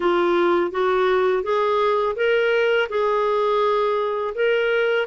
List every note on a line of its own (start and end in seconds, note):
0.00 0.71 F4
0.71 1.43 F#4
1.43 2.15 G#4
2.16 2.88 A#4
2.89 4.33 G#4
4.34 5.06 A#4